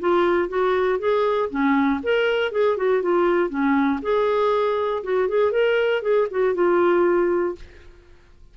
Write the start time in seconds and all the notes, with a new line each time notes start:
0.00 F4
0.49 F#4
0.99 G#4
1.50 C#4
2.03 A#4
2.52 G#4
2.77 F#4
3.03 F4
3.49 C#4
4.02 G#4
5.04 F#4
5.29 G#4
5.52 A#4
6.02 G#4
6.31 F#4
6.55 F4